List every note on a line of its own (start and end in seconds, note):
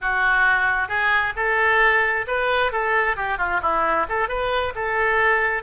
0.01 0.88 F#4
0.88 1.33 G#4
1.36 2.26 A4
2.27 2.71 B4
2.71 3.16 A4
3.16 3.38 G4
3.38 3.60 F4
3.62 4.07 E4
4.08 4.28 A4
4.28 4.73 B4
4.75 5.62 A4